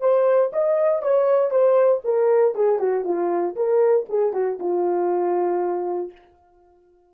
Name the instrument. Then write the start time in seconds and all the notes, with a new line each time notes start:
horn
0.00 C5
0.53 D#5
1.02 C#5
1.51 C5
2.04 A#4
2.55 G#4
2.79 F#4
3.05 F4
3.55 A#4
4.09 G#4
4.33 F#4
4.59 F4